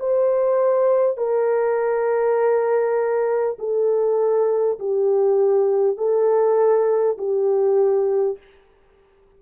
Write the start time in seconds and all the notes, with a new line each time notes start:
0.00 C5
1.18 A#4
3.59 A4
4.80 G4
5.98 A4
7.18 G4